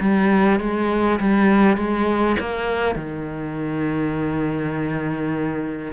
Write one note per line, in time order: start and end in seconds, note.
0.00 0.59 G3
0.60 1.19 G#3
1.19 1.77 G3
1.77 2.36 G#3
2.40 2.95 A#3
2.95 5.92 D#3